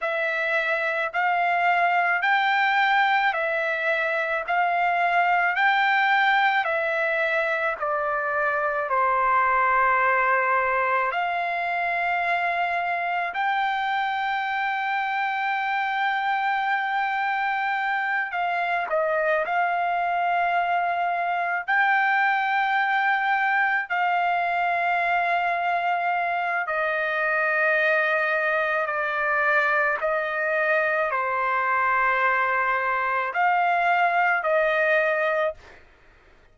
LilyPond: \new Staff \with { instrumentName = "trumpet" } { \time 4/4 \tempo 4 = 54 e''4 f''4 g''4 e''4 | f''4 g''4 e''4 d''4 | c''2 f''2 | g''1~ |
g''8 f''8 dis''8 f''2 g''8~ | g''4. f''2~ f''8 | dis''2 d''4 dis''4 | c''2 f''4 dis''4 | }